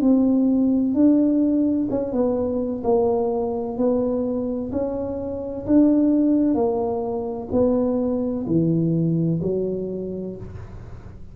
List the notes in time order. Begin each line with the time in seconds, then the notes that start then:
0.00 C4
0.94 D4
1.90 C#4
2.12 B3
2.83 A#3
3.77 B3
4.71 C#4
5.66 D4
6.54 A#3
7.51 B3
8.46 E3
9.42 F#3